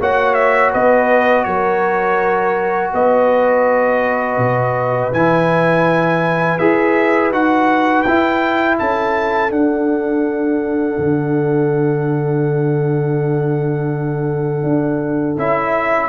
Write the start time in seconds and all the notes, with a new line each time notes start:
0.00 A#3 F#4 C#5 F#5
0.34 E5
0.72 B3 B4 D#5
1.44 F#3 A#4 C#5
2.93 B3 B4 D#5
4.38 B2
5.12 E3 E4 G#5
6.59 E4 G#4 E5
7.31 D#4 F#4 F#5
8.03 E4 G5
8.79 C#4 A4 A5
9.51 D4 F#5
10.98 D3
14.63 D4
15.37 C#4 E4 E5